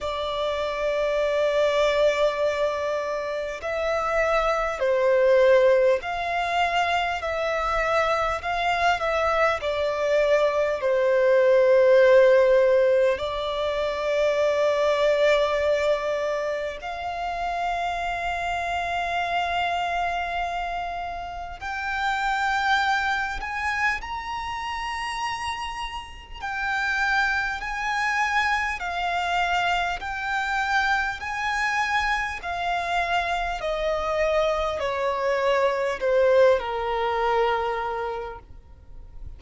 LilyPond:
\new Staff \with { instrumentName = "violin" } { \time 4/4 \tempo 4 = 50 d''2. e''4 | c''4 f''4 e''4 f''8 e''8 | d''4 c''2 d''4~ | d''2 f''2~ |
f''2 g''4. gis''8 | ais''2 g''4 gis''4 | f''4 g''4 gis''4 f''4 | dis''4 cis''4 c''8 ais'4. | }